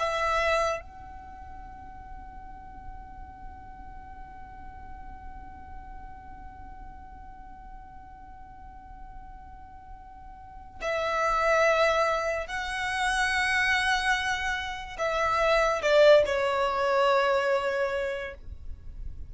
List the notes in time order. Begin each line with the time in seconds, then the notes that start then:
0.00 E5
0.81 F#5
10.82 E5
12.47 F#5
14.99 E5
15.83 D5
16.27 C#5